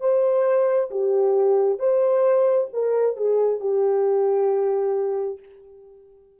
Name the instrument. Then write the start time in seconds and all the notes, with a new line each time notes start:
horn
0.00 C5
0.91 G4
1.79 C5
2.73 A#4
3.17 G#4
3.60 G4